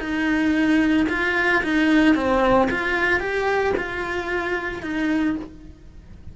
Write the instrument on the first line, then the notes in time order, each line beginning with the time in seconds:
cello
0.00 D#4
1.09 F4
1.64 D#4
2.15 C4
2.71 F4
3.20 G4
3.77 F4
4.83 D#4